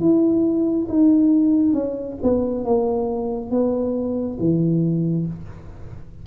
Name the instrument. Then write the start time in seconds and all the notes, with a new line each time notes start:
tuba
0.00 E4
0.89 D#4
1.73 C#4
2.22 B3
2.64 A#3
3.50 B3
4.39 E3